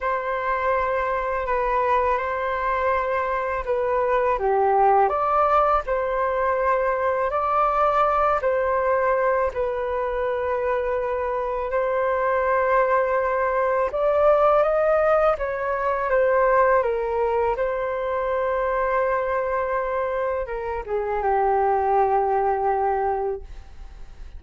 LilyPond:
\new Staff \with { instrumentName = "flute" } { \time 4/4 \tempo 4 = 82 c''2 b'4 c''4~ | c''4 b'4 g'4 d''4 | c''2 d''4. c''8~ | c''4 b'2. |
c''2. d''4 | dis''4 cis''4 c''4 ais'4 | c''1 | ais'8 gis'8 g'2. | }